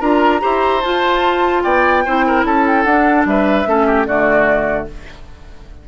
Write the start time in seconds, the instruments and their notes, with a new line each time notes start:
0.00 bassoon D4, clarinet F4, oboe A#4, flute A#5
0.40 bassoon E4, clarinet G4, oboe C5
0.81 bassoon F4, clarinet F4, flute A5
1.63 bassoon B3, oboe D5, flute G5
2.05 bassoon C4, clarinet E4, oboe C5
2.26 oboe A#4
2.44 bassoon C#4, oboe A4, flute A5
2.66 flute G5
2.84 bassoon D4, clarinet D4, flute F#5
3.25 bassoon G3, oboe B4, flute E5
3.66 bassoon A3, clarinet C#4, oboe A4
3.86 oboe G4
4.06 bassoon D3, clarinet A3, oboe F#4, flute D5